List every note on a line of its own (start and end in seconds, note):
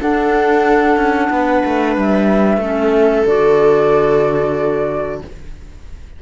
0.00 2.61 D4
0.00 0.96 D4
0.00 1.30 A4
0.00 1.97 F#5
0.96 1.29 C#4
1.30 1.63 B3
1.30 2.61 B4
1.65 1.97 A3
1.97 2.57 G3
1.97 3.26 E5
2.57 3.22 A3
2.57 3.26 C#4
2.57 5.22 A4
3.26 5.22 D3
3.26 5.22 F#4
3.26 5.21 D5